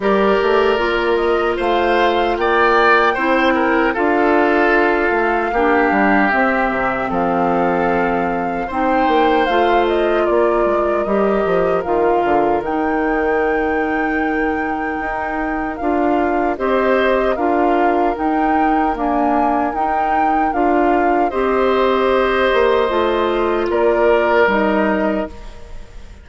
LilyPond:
<<
  \new Staff \with { instrumentName = "flute" } { \time 4/4 \tempo 4 = 76 d''4. dis''8 f''4 g''4~ | g''4 f''2. | e''4 f''2 g''4 | f''8 dis''8 d''4 dis''4 f''4 |
g''1 | f''4 dis''4 f''4 g''4 | gis''4 g''4 f''4 dis''4~ | dis''2 d''4 dis''4 | }
  \new Staff \with { instrumentName = "oboe" } { \time 4/4 ais'2 c''4 d''4 | c''8 ais'8 a'2 g'4~ | g'4 a'2 c''4~ | c''4 ais'2.~ |
ais'1~ | ais'4 c''4 ais'2~ | ais'2. c''4~ | c''2 ais'2 | }
  \new Staff \with { instrumentName = "clarinet" } { \time 4/4 g'4 f'2. | e'4 f'2 d'4 | c'2. dis'4 | f'2 g'4 f'4 |
dis'1 | f'4 g'4 f'4 dis'4 | ais4 dis'4 f'4 g'4~ | g'4 f'2 dis'4 | }
  \new Staff \with { instrumentName = "bassoon" } { \time 4/4 g8 a8 ais4 a4 ais4 | c'4 d'4. a8 ais8 g8 | c'8 c8 f2 c'8 ais8 | a4 ais8 gis8 g8 f8 dis8 d8 |
dis2. dis'4 | d'4 c'4 d'4 dis'4 | d'4 dis'4 d'4 c'4~ | c'8 ais8 a4 ais4 g4 | }
>>